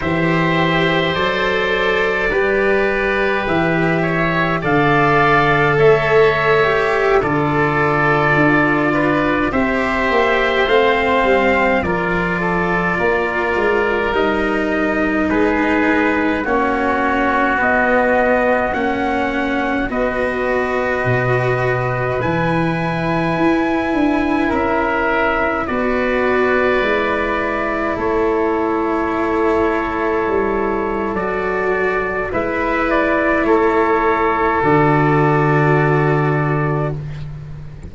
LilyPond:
<<
  \new Staff \with { instrumentName = "trumpet" } { \time 4/4 \tempo 4 = 52 e''4 d''2 e''4 | f''4 e''4~ e''16 d''4.~ d''16~ | d''16 e''4 f''4 d''4.~ d''16~ | d''16 dis''4 b'4 cis''4 dis''8.~ |
dis''16 fis''4 dis''2 gis''8.~ | gis''4~ gis''16 e''4 d''4.~ d''16~ | d''16 cis''2~ cis''8. d''4 | e''8 d''8 cis''4 d''2 | }
  \new Staff \with { instrumentName = "oboe" } { \time 4/4 c''2 b'4. cis''8 | d''4 cis''4~ cis''16 a'4. b'16~ | b'16 c''2 ais'8 a'8 ais'8.~ | ais'4~ ais'16 gis'4 fis'4.~ fis'16~ |
fis'4~ fis'16 b'2~ b'8.~ | b'4~ b'16 ais'4 b'4.~ b'16~ | b'16 a'2.~ a'8. | b'4 a'2. | }
  \new Staff \with { instrumentName = "cello" } { \time 4/4 g'4 a'4 g'2 | a'4.~ a'16 g'8 f'4.~ f'16~ | f'16 g'4 c'4 f'4.~ f'16~ | f'16 dis'2 cis'4 b8.~ |
b16 cis'4 fis'2 e'8.~ | e'2~ e'16 fis'4 e'8.~ | e'2. fis'4 | e'2 fis'2 | }
  \new Staff \with { instrumentName = "tuba" } { \time 4/4 e4 fis4 g4 e4 | d4 a4~ a16 d4 d'8.~ | d'16 c'8 ais8 a8 g8 f4 ais8 gis16~ | gis16 g4 gis4 ais4 b8.~ |
b16 ais4 b4 b,4 e8.~ | e16 e'8 d'8 cis'4 b4 gis8.~ | gis16 a2 g8. fis4 | gis4 a4 d2 | }
>>